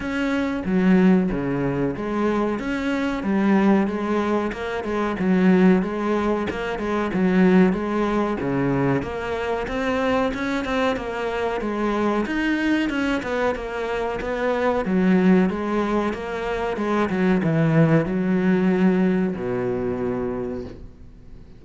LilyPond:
\new Staff \with { instrumentName = "cello" } { \time 4/4 \tempo 4 = 93 cis'4 fis4 cis4 gis4 | cis'4 g4 gis4 ais8 gis8 | fis4 gis4 ais8 gis8 fis4 | gis4 cis4 ais4 c'4 |
cis'8 c'8 ais4 gis4 dis'4 | cis'8 b8 ais4 b4 fis4 | gis4 ais4 gis8 fis8 e4 | fis2 b,2 | }